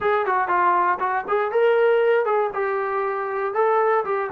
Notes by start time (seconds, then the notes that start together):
0.00 G#4
0.26 F#4
0.48 F4
0.99 F#4
1.27 G#4
1.51 A#4
2.25 G#4
2.53 G4
3.53 A4
4.05 G4